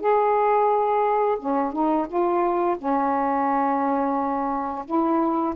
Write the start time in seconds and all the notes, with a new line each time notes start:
0.00 G#4
1.39 C#4
1.73 D#4
2.08 F4
2.78 C#4
4.86 E4